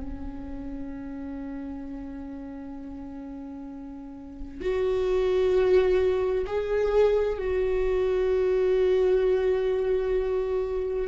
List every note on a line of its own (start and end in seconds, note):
0.00 4.61 C#4
4.61 6.46 F#4
6.46 7.38 G#4
7.38 11.08 F#4